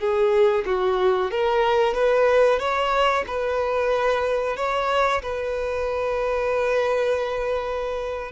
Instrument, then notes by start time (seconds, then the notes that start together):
violin
0.00 G#4
0.66 F#4
1.32 A#4
1.94 B4
2.60 C#5
3.28 B4
4.57 C#5
5.22 B4